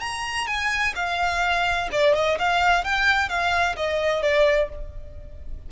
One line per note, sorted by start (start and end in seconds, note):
0.00 0.47 A#5
0.47 0.94 G#5
0.95 1.89 F5
1.91 2.14 D5
2.14 2.38 D#5
2.38 2.84 F5
2.84 3.29 G5
3.29 3.75 F5
3.76 4.22 D#5
4.22 4.69 D5